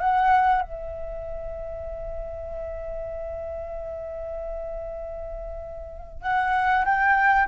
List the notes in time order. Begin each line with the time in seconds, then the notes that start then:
0.00 F#5
0.62 E5
6.22 F#5
6.85 G5